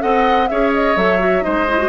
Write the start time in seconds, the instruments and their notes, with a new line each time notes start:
0.00 bassoon C4, clarinet A4, oboe D#5, flute F#5
0.48 bassoon C#4, clarinet G#4, oboe C#5, flute E5
0.74 flute D#5
0.96 bassoon F#3, clarinet A4, flute E5
1.20 clarinet F#4
1.42 bassoon G#3, clarinet D#4, oboe C5, flute D#5
1.69 clarinet E4
1.79 clarinet F#4